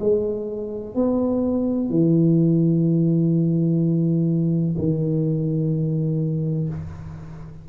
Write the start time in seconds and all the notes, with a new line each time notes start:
0.00 G#3
0.95 B3
1.90 E3
4.78 D#3